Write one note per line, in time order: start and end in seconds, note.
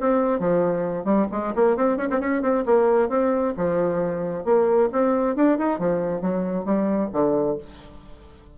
0.00 0.39 C4
0.39 1.04 F3
1.04 1.27 G3
1.31 1.54 G#3
1.55 1.76 A#3
1.76 1.97 C4
1.97 2.08 C#4
2.10 2.20 C4
2.20 2.42 C#4
2.42 2.64 C4
2.66 3.09 A#3
3.09 3.54 C4
3.57 4.44 F3
4.44 4.89 A#3
4.92 5.36 C4
5.36 5.58 D4
5.58 5.79 D#4
5.79 6.21 F3
6.21 6.65 F#3
6.65 7.09 G3
7.13 7.58 D3